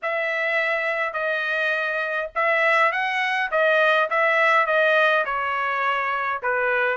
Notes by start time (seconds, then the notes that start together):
0.02 E5
1.13 D#5
2.35 E5
2.92 F#5
3.51 D#5
4.10 E5
4.66 D#5
5.25 C#5
6.42 B4